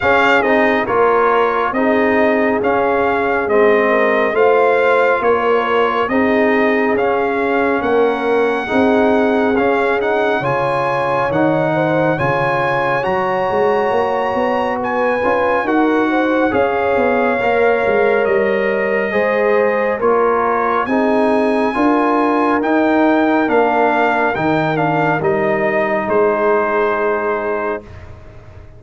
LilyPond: <<
  \new Staff \with { instrumentName = "trumpet" } { \time 4/4 \tempo 4 = 69 f''8 dis''8 cis''4 dis''4 f''4 | dis''4 f''4 cis''4 dis''4 | f''4 fis''2 f''8 fis''8 | gis''4 fis''4 gis''4 ais''4~ |
ais''4 gis''4 fis''4 f''4~ | f''4 dis''2 cis''4 | gis''2 g''4 f''4 | g''8 f''8 dis''4 c''2 | }
  \new Staff \with { instrumentName = "horn" } { \time 4/4 gis'4 ais'4 gis'2~ | gis'8 ais'8 c''4 ais'4 gis'4~ | gis'4 ais'4 gis'2 | cis''4. c''8 cis''2~ |
cis''4 b'4 ais'8 c''8 cis''4~ | cis''2 c''4 ais'4 | gis'4 ais'2.~ | ais'2 gis'2 | }
  \new Staff \with { instrumentName = "trombone" } { \time 4/4 cis'8 dis'8 f'4 dis'4 cis'4 | c'4 f'2 dis'4 | cis'2 dis'4 cis'8 dis'8 | f'4 dis'4 f'4 fis'4~ |
fis'4. f'8 fis'4 gis'4 | ais'2 gis'4 f'4 | dis'4 f'4 dis'4 d'4 | dis'8 d'8 dis'2. | }
  \new Staff \with { instrumentName = "tuba" } { \time 4/4 cis'8 c'8 ais4 c'4 cis'4 | gis4 a4 ais4 c'4 | cis'4 ais4 c'4 cis'4 | cis4 dis4 cis4 fis8 gis8 |
ais8 b4 cis'8 dis'4 cis'8 b8 | ais8 gis8 g4 gis4 ais4 | c'4 d'4 dis'4 ais4 | dis4 g4 gis2 | }
>>